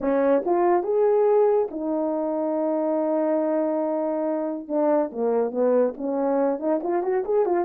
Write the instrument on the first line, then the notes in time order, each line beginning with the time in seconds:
horn
0.00 C#4
0.45 F4
0.83 G#4
1.71 D#4
4.68 D4
5.12 A#3
5.51 B3
5.97 C#4
6.59 D#4
6.83 F4
7.02 F#4
7.24 G#4
7.45 F4